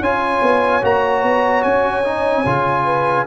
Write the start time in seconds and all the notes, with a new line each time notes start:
0.00 C#4 F4 C#5 G#5
0.42 B3
0.82 A#3 F#4 A#5
1.23 B3
1.63 C#4 G#5
2.04 D#4
2.45 C#3 F4
2.84 B4